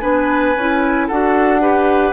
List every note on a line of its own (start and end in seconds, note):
0.00 0.56 B3
0.00 0.55 D4
0.00 1.08 B4
0.00 1.07 G#5
0.56 1.09 C#4
0.56 1.11 E4
1.08 2.13 D4
1.08 1.60 F#4
1.08 1.61 A4
1.08 2.13 F#5
1.60 2.13 G4
1.60 2.13 B4